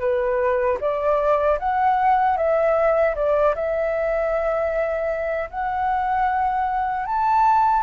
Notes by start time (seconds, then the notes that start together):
0.00 B4
0.81 D5
1.59 F#5
2.37 E5
3.16 D5
3.55 E5
5.50 F#5
7.06 A5